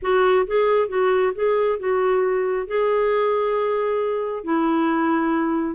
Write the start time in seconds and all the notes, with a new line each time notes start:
0.01 F#4
0.46 G#4
0.88 F#4
1.35 G#4
1.79 F#4
2.67 G#4
4.44 E4